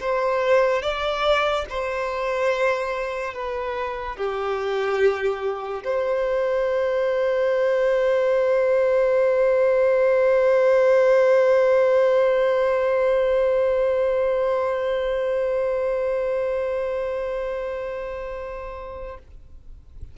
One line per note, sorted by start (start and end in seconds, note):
0.00 0.82 C5
0.82 1.66 D5
1.69 3.33 C5
3.33 4.16 B4
4.16 5.83 G4
5.84 19.17 C5